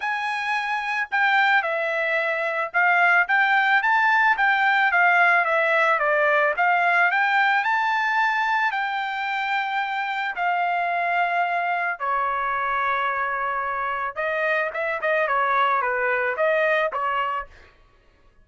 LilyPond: \new Staff \with { instrumentName = "trumpet" } { \time 4/4 \tempo 4 = 110 gis''2 g''4 e''4~ | e''4 f''4 g''4 a''4 | g''4 f''4 e''4 d''4 | f''4 g''4 a''2 |
g''2. f''4~ | f''2 cis''2~ | cis''2 dis''4 e''8 dis''8 | cis''4 b'4 dis''4 cis''4 | }